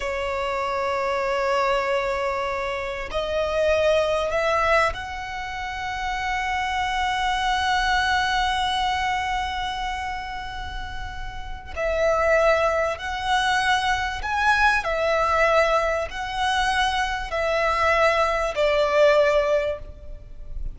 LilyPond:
\new Staff \with { instrumentName = "violin" } { \time 4/4 \tempo 4 = 97 cis''1~ | cis''4 dis''2 e''4 | fis''1~ | fis''1~ |
fis''2. e''4~ | e''4 fis''2 gis''4 | e''2 fis''2 | e''2 d''2 | }